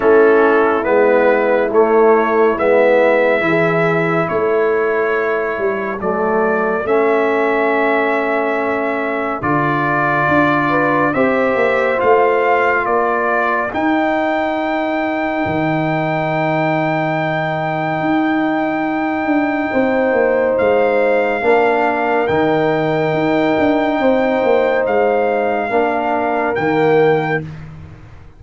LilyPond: <<
  \new Staff \with { instrumentName = "trumpet" } { \time 4/4 \tempo 4 = 70 a'4 b'4 cis''4 e''4~ | e''4 cis''2 d''4 | e''2. d''4~ | d''4 e''4 f''4 d''4 |
g''1~ | g''1 | f''2 g''2~ | g''4 f''2 g''4 | }
  \new Staff \with { instrumentName = "horn" } { \time 4/4 e'1 | gis'4 a'2.~ | a'1~ | a'8 b'8 c''2 ais'4~ |
ais'1~ | ais'2. c''4~ | c''4 ais'2. | c''2 ais'2 | }
  \new Staff \with { instrumentName = "trombone" } { \time 4/4 cis'4 b4 a4 b4 | e'2. a4 | cis'2. f'4~ | f'4 g'4 f'2 |
dis'1~ | dis'1~ | dis'4 d'4 dis'2~ | dis'2 d'4 ais4 | }
  \new Staff \with { instrumentName = "tuba" } { \time 4/4 a4 gis4 a4 gis4 | e4 a4. g8 fis4 | a2. d4 | d'4 c'8 ais8 a4 ais4 |
dis'2 dis2~ | dis4 dis'4. d'8 c'8 ais8 | gis4 ais4 dis4 dis'8 d'8 | c'8 ais8 gis4 ais4 dis4 | }
>>